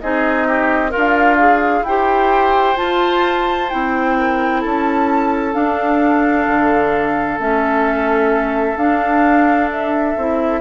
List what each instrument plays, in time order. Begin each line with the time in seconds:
0.00 bassoon C4, clarinet D#4, oboe G#4, flute D#5
0.47 oboe G4
0.89 oboe F4, clarinet A#4, flute F5
0.96 bassoon D4
1.38 clarinet G#4
1.82 bassoon E4, clarinet G4, oboe C5, flute G5
2.75 clarinet F4, bassoon F4, flute A5
3.69 bassoon C4, clarinet E4, flute G5
4.18 oboe A#4
4.60 bassoon C#4, oboe A4, flute A5
5.53 clarinet D4, bassoon D4, flute F5
6.47 bassoon D3
7.38 bassoon A3, clarinet C#4, flute E5
8.76 bassoon D4, clarinet D4, flute F5
9.71 flute E5
10.17 bassoon C4, clarinet E4